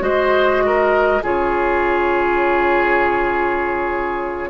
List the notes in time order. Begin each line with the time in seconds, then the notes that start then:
0.00 G#3 F#4 C5 D#5
0.66 A#4
1.23 C#3 F4 G#4 C#5